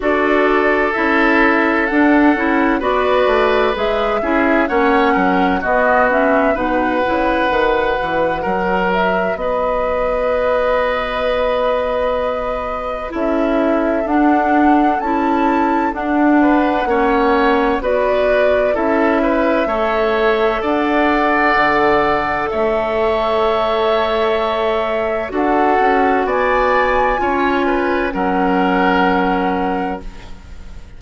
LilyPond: <<
  \new Staff \with { instrumentName = "flute" } { \time 4/4 \tempo 4 = 64 d''4 e''4 fis''4 d''4 | e''4 fis''4 dis''8 e''8 fis''4~ | fis''4. e''8 dis''2~ | dis''2 e''4 fis''4 |
a''4 fis''2 d''4 | e''2 fis''2 | e''2. fis''4 | gis''2 fis''2 | }
  \new Staff \with { instrumentName = "oboe" } { \time 4/4 a'2. b'4~ | b'8 gis'8 cis''8 ais'8 fis'4 b'4~ | b'4 ais'4 b'2~ | b'2 a'2~ |
a'4. b'8 cis''4 b'4 | a'8 b'8 cis''4 d''2 | cis''2. a'4 | d''4 cis''8 b'8 ais'2 | }
  \new Staff \with { instrumentName = "clarinet" } { \time 4/4 fis'4 e'4 d'8 e'8 fis'4 | gis'8 e'8 cis'4 b8 cis'8 dis'8 e'8 | fis'1~ | fis'2 e'4 d'4 |
e'4 d'4 cis'4 fis'4 | e'4 a'2.~ | a'2. fis'4~ | fis'4 f'4 cis'2 | }
  \new Staff \with { instrumentName = "bassoon" } { \time 4/4 d'4 cis'4 d'8 cis'8 b8 a8 | gis8 cis'8 ais8 fis8 b4 b,8 cis8 | dis8 e8 fis4 b2~ | b2 cis'4 d'4 |
cis'4 d'4 ais4 b4 | cis'4 a4 d'4 d4 | a2. d'8 cis'8 | b4 cis'4 fis2 | }
>>